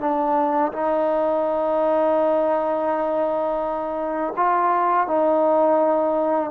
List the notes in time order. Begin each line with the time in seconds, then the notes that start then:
0.00 D4
0.72 D#4
4.36 F4
5.07 D#4